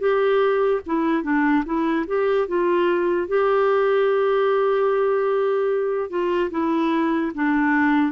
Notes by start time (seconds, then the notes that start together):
0.00 G4
0.87 E4
1.23 D4
1.65 E4
2.07 G4
2.48 F4
3.28 G4
6.10 F4
6.51 E4
7.35 D4